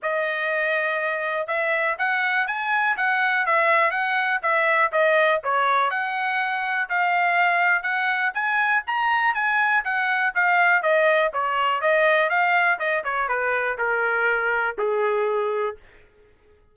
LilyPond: \new Staff \with { instrumentName = "trumpet" } { \time 4/4 \tempo 4 = 122 dis''2. e''4 | fis''4 gis''4 fis''4 e''4 | fis''4 e''4 dis''4 cis''4 | fis''2 f''2 |
fis''4 gis''4 ais''4 gis''4 | fis''4 f''4 dis''4 cis''4 | dis''4 f''4 dis''8 cis''8 b'4 | ais'2 gis'2 | }